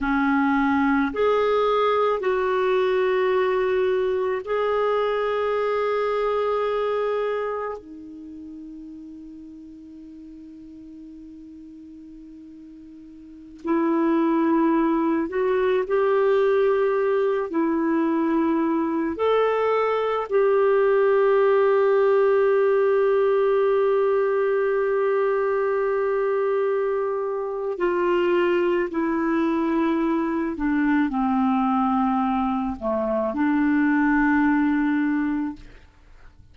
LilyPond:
\new Staff \with { instrumentName = "clarinet" } { \time 4/4 \tempo 4 = 54 cis'4 gis'4 fis'2 | gis'2. dis'4~ | dis'1~ | dis'16 e'4. fis'8 g'4. e'16~ |
e'4~ e'16 a'4 g'4.~ g'16~ | g'1~ | g'4 f'4 e'4. d'8 | c'4. a8 d'2 | }